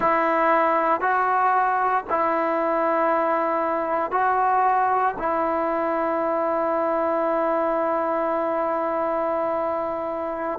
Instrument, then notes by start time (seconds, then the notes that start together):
trombone
0.00 E4
1.01 F#4
2.10 E4
4.11 F#4
5.18 E4